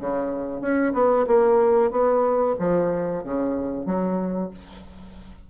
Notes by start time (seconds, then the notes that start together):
0.00 C#3
0.61 C#4
0.94 B3
1.27 A#3
1.91 B3
2.59 F3
3.24 C#3
3.86 F#3